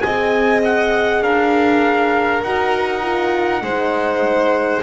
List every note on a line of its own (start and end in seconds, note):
0.00 1.22 C4
0.00 2.45 G#4
0.00 1.23 D#5
0.00 0.60 G#5
0.64 1.23 F#5
1.22 2.42 D4
1.22 3.62 A#4
1.22 2.43 F5
2.42 3.62 D#4
2.42 3.02 F#4
2.42 4.82 F#5
3.02 3.62 F4
3.62 4.82 G#3
3.62 4.82 C5
3.68 4.82 D#4